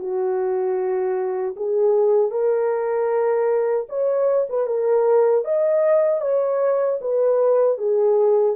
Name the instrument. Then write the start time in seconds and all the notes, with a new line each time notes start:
horn
0.00 F#4
1.57 G#4
2.31 A#4
3.89 C#5
4.50 B4
4.67 A#4
5.45 D#5
6.21 C#5
7.01 B4
7.79 G#4